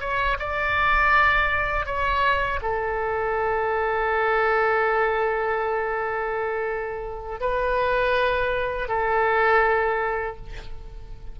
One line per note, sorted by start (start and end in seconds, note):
0.00 0.37 C#5
0.38 1.86 D5
1.86 2.60 C#5
2.61 7.40 A4
7.40 8.88 B4
8.88 10.36 A4